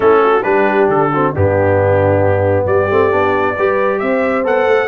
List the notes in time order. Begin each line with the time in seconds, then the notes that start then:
0.00 A3 C#4 E4 A4
0.24 F#4
0.43 G3 D4 G4 B4
0.87 D3 A4
1.13 C4 F#4
1.32 G2 B3 D4 G4
2.65 G3 G4 D5
2.90 A3 C4
3.10 B3 D4
3.55 G3 G4 B4
3.99 C4 C5 E5
4.43 B3 A4 F#5
4.66 A3